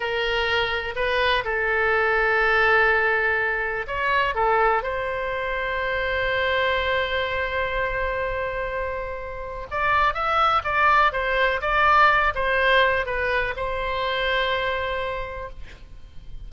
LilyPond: \new Staff \with { instrumentName = "oboe" } { \time 4/4 \tempo 4 = 124 ais'2 b'4 a'4~ | a'1 | cis''4 a'4 c''2~ | c''1~ |
c''1 | d''4 e''4 d''4 c''4 | d''4. c''4. b'4 | c''1 | }